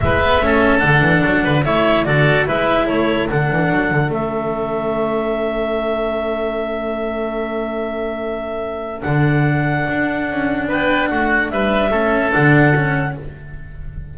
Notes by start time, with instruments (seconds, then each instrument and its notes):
0.00 double bass G#3, cello E4, oboe B4, clarinet E5
0.22 cello B3
0.42 double bass A3, cello C#4, oboe A4
0.78 double bass D3, cello D4, clarinet F#5
1.01 double bass E3
1.24 double bass F#3
1.43 double bass D3, oboe B4
1.64 double bass A3, cello E4, oboe C#5, clarinet E5
2.04 double bass D3, cello F#4, oboe A4, clarinet D5
2.45 double bass G#3, cello E4, oboe B4, clarinet E5
2.86 double bass A3, oboe A4, clarinet C#5
3.29 double bass D3, cello D4, clarinet F#5
3.50 double bass E3
3.71 double bass F#3
3.91 double bass D3
4.09 double bass A3, cello C#4, clarinet E5
9.01 double bass D3, cello D4, clarinet F#5
9.89 double bass D4
10.30 double bass C#4
10.68 double bass B3, oboe B4, clarinet G5
11.08 double bass A3, oboe F#4, clarinet F#5
11.49 double bass G3, oboe B4, clarinet E5
11.90 double bass A3, cello C#4, oboe A4
12.32 double bass D3, cello D4, clarinet F#5
12.75 cello C#4